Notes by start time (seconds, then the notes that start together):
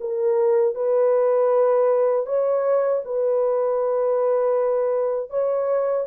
0.00 A#4
0.75 B4
2.26 C#5
3.05 B4
5.30 C#5